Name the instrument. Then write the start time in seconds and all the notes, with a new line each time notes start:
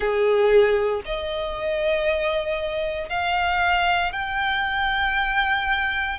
violin
0.00 G#4
1.05 D#5
3.08 F5
4.12 G5